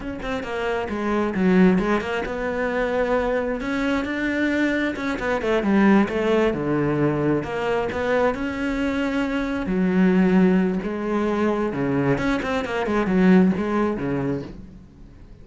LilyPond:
\new Staff \with { instrumentName = "cello" } { \time 4/4 \tempo 4 = 133 cis'8 c'8 ais4 gis4 fis4 | gis8 ais8 b2. | cis'4 d'2 cis'8 b8 | a8 g4 a4 d4.~ |
d8 ais4 b4 cis'4.~ | cis'4. fis2~ fis8 | gis2 cis4 cis'8 c'8 | ais8 gis8 fis4 gis4 cis4 | }